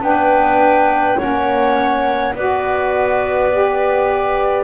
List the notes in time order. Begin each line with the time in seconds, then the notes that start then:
0.00 B3 D4 B4 G5
1.18 A#3 C#4 C#5 F#5
2.34 B3 F#4 B4 D5
3.51 G4